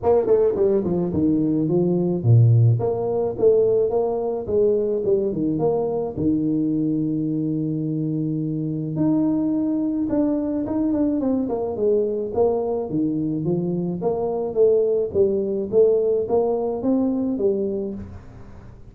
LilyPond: \new Staff \with { instrumentName = "tuba" } { \time 4/4 \tempo 4 = 107 ais8 a8 g8 f8 dis4 f4 | ais,4 ais4 a4 ais4 | gis4 g8 dis8 ais4 dis4~ | dis1 |
dis'2 d'4 dis'8 d'8 | c'8 ais8 gis4 ais4 dis4 | f4 ais4 a4 g4 | a4 ais4 c'4 g4 | }